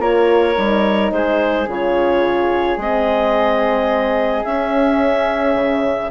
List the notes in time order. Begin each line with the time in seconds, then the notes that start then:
0.00 A#3 F4 A#4 C#5
0.57 G3 D#4
1.12 G#3 G#4 C5
1.67 C#3 F4 C#5
2.78 G#3 C4 D#5
4.45 C#4 E5
5.55 C#3